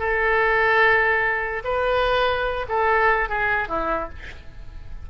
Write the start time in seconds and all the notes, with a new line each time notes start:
0.00 A4
1.65 B4
2.69 A4
3.29 G#4
3.69 E4